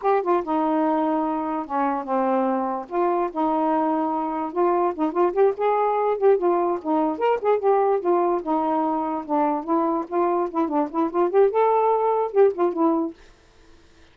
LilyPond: \new Staff \with { instrumentName = "saxophone" } { \time 4/4 \tempo 4 = 146 g'8 f'8 dis'2. | cis'4 c'2 f'4 | dis'2. f'4 | dis'8 f'8 g'8 gis'4. g'8 f'8~ |
f'8 dis'4 ais'8 gis'8 g'4 f'8~ | f'8 dis'2 d'4 e'8~ | e'8 f'4 e'8 d'8 e'8 f'8 g'8 | a'2 g'8 f'8 e'4 | }